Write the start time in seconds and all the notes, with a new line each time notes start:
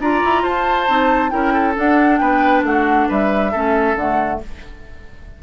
0.00 D4 F4 D5 A#5
0.25 E4
0.43 F4 C5 A5
0.88 C4 D#4
1.30 C#4 E4 A#4 G5
1.53 A4
1.75 D4 F#5
2.18 B3 B4 G5
2.63 A3 F#4 F#5
3.08 G3 B4 E5
3.52 A3 C#4 A4
3.96 D3 A3 F#5